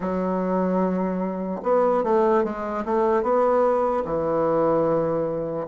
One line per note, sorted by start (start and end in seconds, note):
0.00 1.61 F#3
1.63 2.03 B3
2.03 2.43 A3
2.43 2.84 G#3
2.85 3.22 A3
3.22 4.03 B3
4.05 5.67 E3